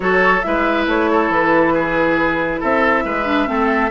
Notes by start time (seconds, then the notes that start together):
0.00 F#3 F#4 A4 C#5
0.42 G#3 E4 B4 E5
0.87 A3 C#5
1.10 A4
1.29 E3 B4
1.73 G#4
2.60 C4 A4 E5
3.05 G#3 B4
3.25 D4
3.46 A3 C4 A4